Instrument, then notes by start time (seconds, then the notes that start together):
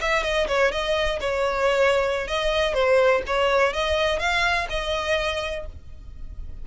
violin
0.00 E5
0.23 D#5
0.48 C#5
0.71 D#5
1.20 C#5
2.28 D#5
2.74 C5
3.27 C#5
3.73 D#5
4.19 F5
4.70 D#5